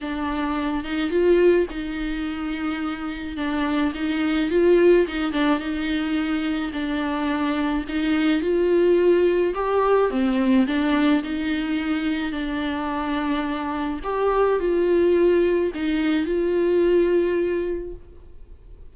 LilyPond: \new Staff \with { instrumentName = "viola" } { \time 4/4 \tempo 4 = 107 d'4. dis'8 f'4 dis'4~ | dis'2 d'4 dis'4 | f'4 dis'8 d'8 dis'2 | d'2 dis'4 f'4~ |
f'4 g'4 c'4 d'4 | dis'2 d'2~ | d'4 g'4 f'2 | dis'4 f'2. | }